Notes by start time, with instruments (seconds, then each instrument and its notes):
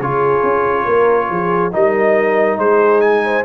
0.00 tuba C#3, trombone F4, horn G#4, trumpet C#5
0.43 tuba C#4
0.85 tuba A#3, horn A#4
1.30 tuba F3, horn G#4
1.72 tuba G3, trombone D#4, horn A#4, trumpet D#5
2.58 tuba G#3, horn G#4, trumpet C5
3.01 trumpet G#5
3.25 horn C5